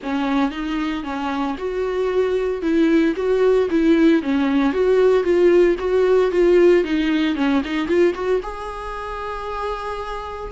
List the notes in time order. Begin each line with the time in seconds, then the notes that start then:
0.02 C#4
0.50 D#4
1.03 C#4
1.58 F#4
2.61 E4
3.16 F#4
3.70 E4
4.22 C#4
4.72 F#4
5.23 F4
5.78 F#4
6.31 F4
6.83 D#4
7.35 C#4
7.64 D#4
7.87 F4
8.14 F#4
8.43 G#4